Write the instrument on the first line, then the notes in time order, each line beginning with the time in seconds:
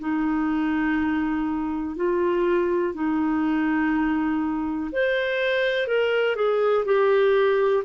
clarinet
0.00 D#4
1.97 F4
2.95 D#4
4.92 C5
5.88 A#4
6.36 G#4
6.86 G4